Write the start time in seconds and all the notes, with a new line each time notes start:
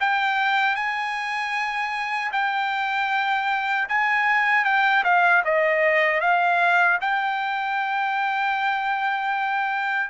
0.00 G5
0.75 G#5
2.32 G5
3.89 G#5
4.64 G5
5.04 F5
5.44 D#5
6.21 F5
7.01 G5